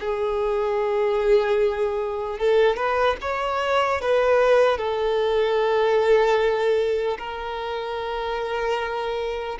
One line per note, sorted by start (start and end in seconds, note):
0.00 2.39 G#4
2.39 2.76 A4
2.76 3.16 B4
3.21 4.01 C#5
4.01 4.77 B4
4.77 7.17 A4
7.18 9.58 A#4